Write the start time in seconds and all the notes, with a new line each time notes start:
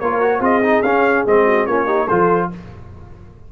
0.00 A#3 F4 A#4 C#5
0.21 F#4
0.40 C4 F4 G#4 D#5
0.63 D#4
0.83 C#4 F5
1.26 G#3 C4 D#5
1.46 F#4
1.67 A#3 C#4 F4 C#5
1.86 D#4 G4
2.08 F3 F4 A4 C5